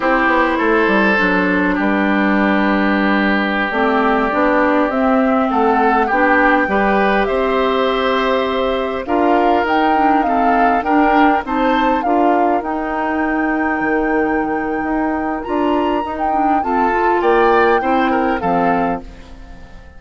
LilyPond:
<<
  \new Staff \with { instrumentName = "flute" } { \time 4/4 \tempo 4 = 101 c''2. b'4~ | b'2~ b'16 d''4.~ d''16~ | d''16 e''4 fis''4 g''4.~ g''16~ | g''16 e''2. f''8.~ |
f''16 g''4 f''4 g''4 a''8.~ | a''16 f''4 g''2~ g''8.~ | g''2 ais''4~ ais''16 g''8. | a''4 g''2 f''4 | }
  \new Staff \with { instrumentName = "oboe" } { \time 4/4 g'4 a'2 g'4~ | g'1~ | g'4~ g'16 a'4 g'4 b'8.~ | b'16 c''2. ais'8.~ |
ais'4~ ais'16 a'4 ais'4 c''8.~ | c''16 ais'2.~ ais'8.~ | ais'1 | a'4 d''4 c''8 ais'8 a'4 | }
  \new Staff \with { instrumentName = "clarinet" } { \time 4/4 e'2 d'2~ | d'2~ d'16 c'4 d'8.~ | d'16 c'2 d'4 g'8.~ | g'2.~ g'16 f'8.~ |
f'16 dis'8 d'8 c'4 d'4 dis'8.~ | dis'16 f'4 dis'2~ dis'8.~ | dis'2 f'4 dis'8 d'8 | c'8 f'4. e'4 c'4 | }
  \new Staff \with { instrumentName = "bassoon" } { \time 4/4 c'8 b8 a8 g8 fis4 g4~ | g2~ g16 a4 b8.~ | b16 c'4 a4 b4 g8.~ | g16 c'2. d'8.~ |
d'16 dis'2 d'4 c'8.~ | c'16 d'4 dis'2 dis8.~ | dis4 dis'4 d'4 dis'4 | f'4 ais4 c'4 f4 | }
>>